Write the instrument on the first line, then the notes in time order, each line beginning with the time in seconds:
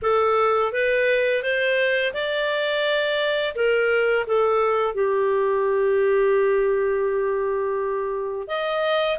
clarinet
0.02 A4
0.72 B4
1.42 C5
2.13 D5
3.55 A#4
4.26 A4
4.94 G4
8.47 D#5